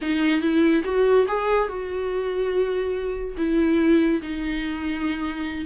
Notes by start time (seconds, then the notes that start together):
0.01 D#4
0.41 E4
0.84 F#4
1.27 G#4
1.68 F#4
3.37 E4
4.22 D#4